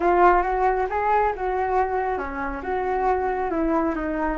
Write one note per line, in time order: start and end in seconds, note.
0.00 0.42 F4
0.42 0.86 F#4
0.89 1.33 G#4
1.35 2.18 F#4
2.18 2.61 C#4
2.62 3.50 F#4
3.50 3.94 E4
3.95 4.37 D#4